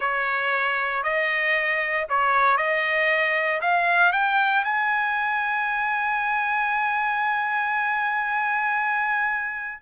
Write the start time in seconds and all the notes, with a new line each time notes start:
0.00 C#5
1.03 D#5
2.09 C#5
2.57 D#5
3.61 F5
4.12 G5
4.64 G#5